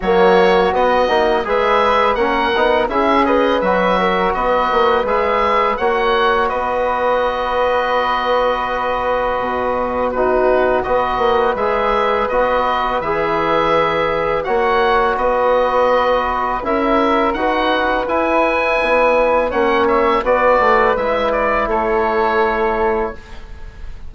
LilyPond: <<
  \new Staff \with { instrumentName = "oboe" } { \time 4/4 \tempo 4 = 83 cis''4 dis''4 e''4 fis''4 | e''8 dis''8 e''4 dis''4 e''4 | fis''4 dis''2.~ | dis''2 b'4 dis''4 |
e''4 dis''4 e''2 | fis''4 dis''2 e''4 | fis''4 gis''2 fis''8 e''8 | d''4 e''8 d''8 cis''2 | }
  \new Staff \with { instrumentName = "flute" } { \time 4/4 fis'2 b'4 ais'4 | gis'8 b'4 ais'8 b'2 | cis''4 b'2.~ | b'2 fis'4 b'4~ |
b'1 | cis''4 b'2 ais'4 | b'2. cis''4 | b'2 a'2 | }
  \new Staff \with { instrumentName = "trombone" } { \time 4/4 ais4 b8 dis'8 gis'4 cis'8 dis'8 | e'8 gis'8 fis'2 gis'4 | fis'1~ | fis'2 dis'4 fis'4 |
gis'4 fis'4 gis'2 | fis'2. e'4 | fis'4 e'2 cis'4 | fis'4 e'2. | }
  \new Staff \with { instrumentName = "bassoon" } { \time 4/4 fis4 b8 ais8 gis4 ais8 b8 | cis'4 fis4 b8 ais8 gis4 | ais4 b2.~ | b4 b,2 b8 ais8 |
gis4 b4 e2 | ais4 b2 cis'4 | dis'4 e'4 b4 ais4 | b8 a8 gis4 a2 | }
>>